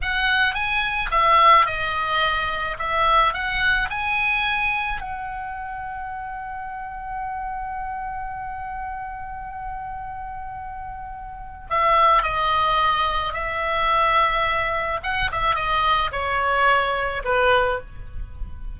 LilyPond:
\new Staff \with { instrumentName = "oboe" } { \time 4/4 \tempo 4 = 108 fis''4 gis''4 e''4 dis''4~ | dis''4 e''4 fis''4 gis''4~ | gis''4 fis''2.~ | fis''1~ |
fis''1~ | fis''4 e''4 dis''2 | e''2. fis''8 e''8 | dis''4 cis''2 b'4 | }